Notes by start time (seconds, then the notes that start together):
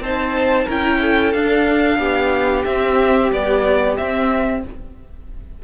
0.00 C4 D#4 C5 A5
0.65 C#4 E4 A#4 G5
1.01 A4
1.32 D4 F5
1.98 B3 G4
2.65 C4 E5
3.32 G3 B3 D5
3.97 C4 E5